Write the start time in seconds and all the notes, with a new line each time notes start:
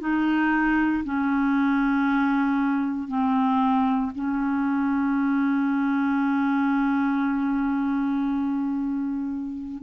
0.00 D#4
1.04 C#4
3.08 C4
4.15 C#4